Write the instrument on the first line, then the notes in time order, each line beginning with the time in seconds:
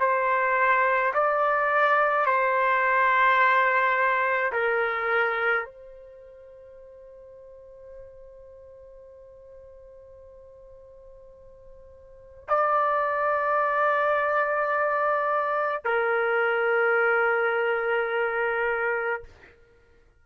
trumpet
0.00 C5
1.14 D5
2.26 C5
4.53 A#4
5.66 C5
12.48 D5
15.85 A#4